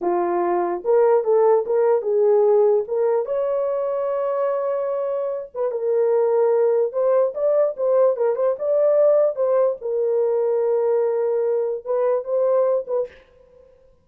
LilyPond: \new Staff \with { instrumentName = "horn" } { \time 4/4 \tempo 4 = 147 f'2 ais'4 a'4 | ais'4 gis'2 ais'4 | cis''1~ | cis''4. b'8 ais'2~ |
ais'4 c''4 d''4 c''4 | ais'8 c''8 d''2 c''4 | ais'1~ | ais'4 b'4 c''4. b'8 | }